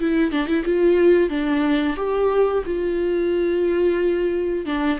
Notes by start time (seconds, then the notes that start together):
0.00 E4
0.32 D4
0.47 E4
0.65 F4
1.29 D4
1.96 G4
2.65 F4
4.65 D4